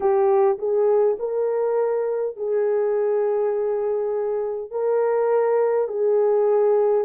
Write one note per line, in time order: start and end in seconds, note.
0.00 0.58 G4
0.58 1.17 G#4
1.19 2.36 A#4
2.36 4.71 G#4
4.71 5.88 A#4
5.88 7.04 G#4